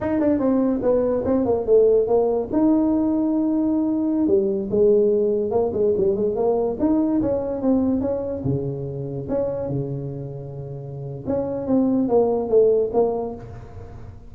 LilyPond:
\new Staff \with { instrumentName = "tuba" } { \time 4/4 \tempo 4 = 144 dis'8 d'8 c'4 b4 c'8 ais8 | a4 ais4 dis'2~ | dis'2~ dis'16 g4 gis8.~ | gis4~ gis16 ais8 gis8 g8 gis8 ais8.~ |
ais16 dis'4 cis'4 c'4 cis'8.~ | cis'16 cis2 cis'4 cis8.~ | cis2. cis'4 | c'4 ais4 a4 ais4 | }